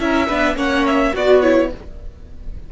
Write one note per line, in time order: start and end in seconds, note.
0.00 0.29 C#4
0.00 0.28 E4
0.00 0.27 A#4
0.00 0.57 E5
0.27 0.56 B3
0.27 0.57 D4
0.27 0.56 B4
0.56 1.13 A#3
0.56 1.13 C#4
0.56 1.13 C#5
0.56 0.87 F#5
0.87 1.15 E5
1.13 1.73 B3
1.13 1.70 F#4
1.13 1.43 F#4
1.13 1.42 D5
1.42 1.71 E4
1.42 1.70 C#5